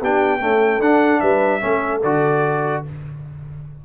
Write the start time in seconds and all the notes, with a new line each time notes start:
0.00 B3 D4 G4 G5
0.40 A3 C#4 A4
0.80 D4 F#5
1.20 G3 B4 E5
1.60 A3 C#4 A4
2.03 D3 F#4 D5